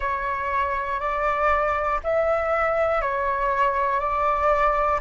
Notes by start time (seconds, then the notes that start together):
0.00 C#5
1.00 D5
2.03 E5
3.01 C#5
4.00 D5